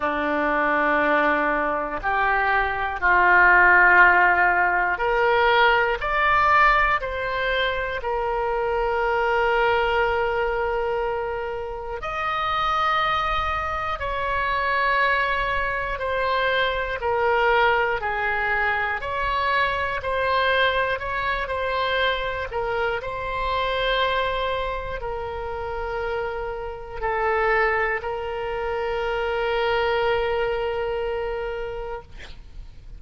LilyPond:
\new Staff \with { instrumentName = "oboe" } { \time 4/4 \tempo 4 = 60 d'2 g'4 f'4~ | f'4 ais'4 d''4 c''4 | ais'1 | dis''2 cis''2 |
c''4 ais'4 gis'4 cis''4 | c''4 cis''8 c''4 ais'8 c''4~ | c''4 ais'2 a'4 | ais'1 | }